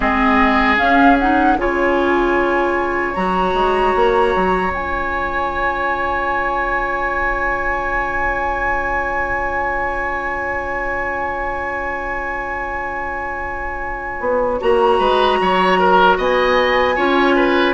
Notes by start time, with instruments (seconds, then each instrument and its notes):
0.00 bassoon G#3, clarinet C4, oboe G#4, flute D#5
0.76 clarinet C#4, bassoon C#4, flute F5
1.19 clarinet D#4, flute F#5
1.56 bassoon C#3, clarinet F4, oboe C#5, flute G#5
3.14 bassoon F#3, clarinet F#4, flute A#5
3.54 bassoon G#3
3.95 bassoon A#3
4.35 bassoon F#3
4.70 bassoon C#4, clarinet F4, flute G#5
14.20 bassoon B3
14.60 bassoon A#3, clarinet F#4, flute A#5
14.98 bassoon G#3, oboe B4
15.40 bassoon F#3, oboe C#5
15.79 oboe A#4
16.17 bassoon B3, oboe D#5, flute G#5
16.95 bassoon C#4, clarinet F4, oboe C#5
17.35 oboe B4